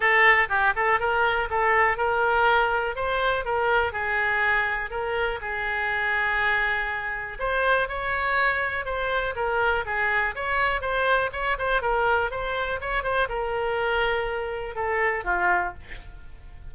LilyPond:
\new Staff \with { instrumentName = "oboe" } { \time 4/4 \tempo 4 = 122 a'4 g'8 a'8 ais'4 a'4 | ais'2 c''4 ais'4 | gis'2 ais'4 gis'4~ | gis'2. c''4 |
cis''2 c''4 ais'4 | gis'4 cis''4 c''4 cis''8 c''8 | ais'4 c''4 cis''8 c''8 ais'4~ | ais'2 a'4 f'4 | }